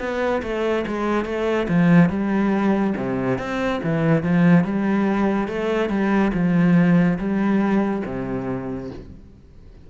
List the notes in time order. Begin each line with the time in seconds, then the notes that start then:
0.00 B3
0.43 A3
0.88 G#3
1.26 A3
1.69 F3
2.10 G3
2.97 C3
3.39 C4
3.84 E3
4.24 F3
4.65 G3
5.48 A3
5.90 G3
6.34 F3
7.19 G3
8.06 C3